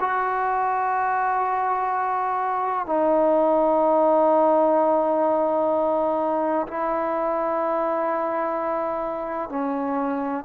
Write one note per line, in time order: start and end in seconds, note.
0.00 2.86 F#4
2.86 6.67 D#4
6.67 9.49 E4
9.49 10.45 C#4